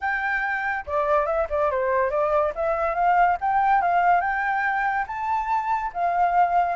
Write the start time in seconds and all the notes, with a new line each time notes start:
0.00 G5
0.86 D5
1.26 E5
1.49 D5
1.70 C5
2.10 D5
2.55 E5
2.94 F5
3.41 G5
3.81 F5
4.21 G5
5.07 A5
5.93 F5